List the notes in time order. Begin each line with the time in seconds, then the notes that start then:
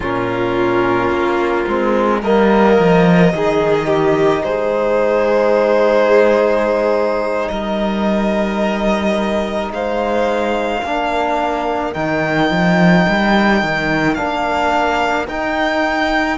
0.00 A#2 C#4 F4 A#4
1.09 A#3
1.67 G#3 C4
2.21 G3 A#3 A#4 D#5
2.78 F3
3.32 D#3 D#4 G#4
3.86 G4
4.43 G#3 G#4 C5
7.48 G3 A#4 D#5
9.70 G#3 C5 F5
10.84 A#3 D4 A#4
11.93 D#3 D#4 G5
12.50 F3
13.08 G3
13.62 D#3
14.14 A#3 D4 F5
15.28 D#4 G5